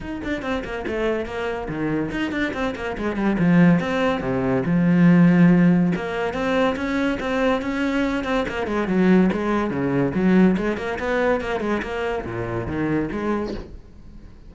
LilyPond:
\new Staff \with { instrumentName = "cello" } { \time 4/4 \tempo 4 = 142 dis'8 d'8 c'8 ais8 a4 ais4 | dis4 dis'8 d'8 c'8 ais8 gis8 g8 | f4 c'4 c4 f4~ | f2 ais4 c'4 |
cis'4 c'4 cis'4. c'8 | ais8 gis8 fis4 gis4 cis4 | fis4 gis8 ais8 b4 ais8 gis8 | ais4 ais,4 dis4 gis4 | }